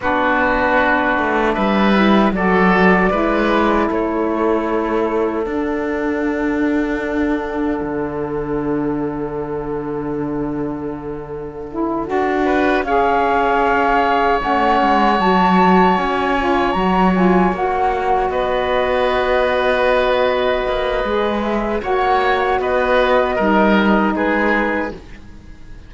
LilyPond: <<
  \new Staff \with { instrumentName = "flute" } { \time 4/4 \tempo 4 = 77 b'2 e''4 d''4~ | d''4 cis''2 fis''4~ | fis''1~ | fis''1~ |
fis''8 f''2 fis''4 a''8~ | a''8 gis''4 ais''8 gis''8 fis''4 dis''8~ | dis''2.~ dis''8 e''8 | fis''4 dis''2 b'4 | }
  \new Staff \with { instrumentName = "oboe" } { \time 4/4 fis'2 b'4 a'4 | b'4 a'2.~ | a'1~ | a'1 |
b'8 cis''2.~ cis''8~ | cis''2.~ cis''8 b'8~ | b'1 | cis''4 b'4 ais'4 gis'4 | }
  \new Staff \with { instrumentName = "saxophone" } { \time 4/4 d'2~ d'8 e'8 fis'4 | e'2. d'4~ | d'1~ | d'2. e'8 fis'8~ |
fis'8 gis'2 cis'4 fis'8~ | fis'4 f'8 fis'8 f'8 fis'4.~ | fis'2. gis'4 | fis'2 dis'2 | }
  \new Staff \with { instrumentName = "cello" } { \time 4/4 b4. a8 g4 fis4 | gis4 a2 d'4~ | d'2 d2~ | d2.~ d8 d'8~ |
d'8 cis'2 a8 gis8 fis8~ | fis8 cis'4 fis4 ais4 b8~ | b2~ b8 ais8 gis4 | ais4 b4 g4 gis4 | }
>>